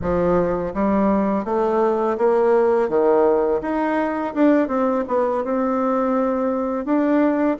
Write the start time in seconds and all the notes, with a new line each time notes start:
0.01 F3
0.74 G3
1.45 A3
2.17 A#3
2.88 D#3
3.61 D#4
4.34 D4
4.68 C4
5.07 B3
5.43 C4
6.85 D4